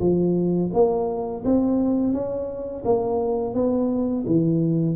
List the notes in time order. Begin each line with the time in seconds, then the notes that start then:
0.00 F3
0.73 A#3
1.45 C4
2.13 C#4
2.85 A#3
3.54 B3
4.26 E3